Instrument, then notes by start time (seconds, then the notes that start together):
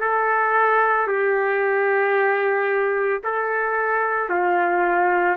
trumpet
0.00 A4
1.07 G4
3.23 A4
4.29 F4